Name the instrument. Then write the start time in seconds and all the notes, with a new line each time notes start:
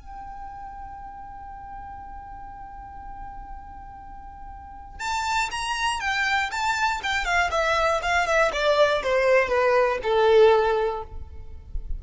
violin
0.00 G5
5.00 A5
5.51 A#5
6.00 G5
6.51 A5
7.03 G5
7.25 F5
7.51 E5
8.02 F5
8.26 E5
8.53 D5
9.03 C5
9.49 B4
10.03 A4